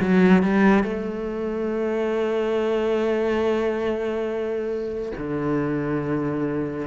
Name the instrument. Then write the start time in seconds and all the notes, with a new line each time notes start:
cello
0.00 F#3
0.43 G3
0.84 A3
5.17 D3